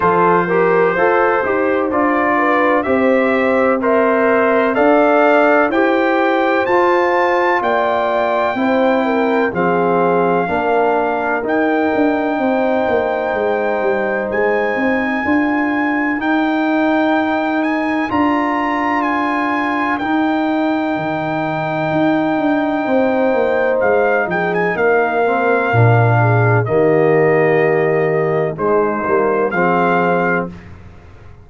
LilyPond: <<
  \new Staff \with { instrumentName = "trumpet" } { \time 4/4 \tempo 4 = 63 c''2 d''4 e''4 | c''4 f''4 g''4 a''4 | g''2 f''2 | g''2. gis''4~ |
gis''4 g''4. gis''8 ais''4 | gis''4 g''2.~ | g''4 f''8 g''16 gis''16 f''2 | dis''2 c''4 f''4 | }
  \new Staff \with { instrumentName = "horn" } { \time 4/4 a'8 ais'8 c''4. b'8 c''4 | e''4 d''4 c''2 | d''4 c''8 ais'8 gis'4 ais'4~ | ais'4 c''2. |
ais'1~ | ais'1 | c''4. gis'8 ais'4. gis'8 | g'2 dis'4 gis'4 | }
  \new Staff \with { instrumentName = "trombone" } { \time 4/4 f'8 g'8 a'8 g'8 f'4 g'4 | ais'4 a'4 g'4 f'4~ | f'4 e'4 c'4 d'4 | dis'1 |
f'4 dis'2 f'4~ | f'4 dis'2.~ | dis'2~ dis'8 c'8 d'4 | ais2 gis8 ais8 c'4 | }
  \new Staff \with { instrumentName = "tuba" } { \time 4/4 f4 f'8 dis'8 d'4 c'4~ | c'4 d'4 e'4 f'4 | ais4 c'4 f4 ais4 | dis'8 d'8 c'8 ais8 gis8 g8 gis8 c'8 |
d'4 dis'2 d'4~ | d'4 dis'4 dis4 dis'8 d'8 | c'8 ais8 gis8 f8 ais4 ais,4 | dis2 gis8 g8 f4 | }
>>